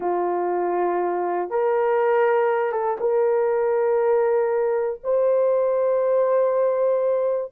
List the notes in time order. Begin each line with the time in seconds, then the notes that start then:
0.00 F4
1.50 A#4
2.72 A4
3.00 A#4
5.03 C5